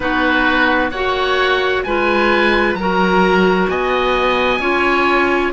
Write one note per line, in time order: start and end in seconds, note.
0.00 0.91 B3
0.00 0.90 D#4
0.00 0.91 F#4
0.00 0.90 B4
0.91 1.83 A#3
0.91 1.86 F#4
0.91 1.84 C#5
0.91 1.83 F#5
1.83 2.74 G#3
1.83 2.78 F4
1.83 2.78 B4
1.83 2.74 G#5
2.74 3.67 F#3
2.74 4.61 F#4
2.74 3.70 A#4
2.74 3.67 A#5
3.69 4.59 B3
3.69 4.60 D#5
3.69 5.53 G#5
4.59 5.51 C#4
4.59 5.53 F4
4.59 5.52 C#5